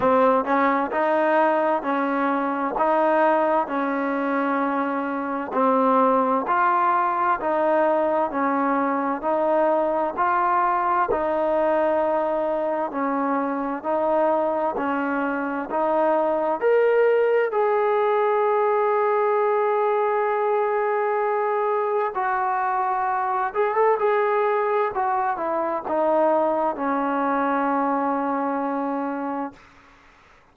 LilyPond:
\new Staff \with { instrumentName = "trombone" } { \time 4/4 \tempo 4 = 65 c'8 cis'8 dis'4 cis'4 dis'4 | cis'2 c'4 f'4 | dis'4 cis'4 dis'4 f'4 | dis'2 cis'4 dis'4 |
cis'4 dis'4 ais'4 gis'4~ | gis'1 | fis'4. gis'16 a'16 gis'4 fis'8 e'8 | dis'4 cis'2. | }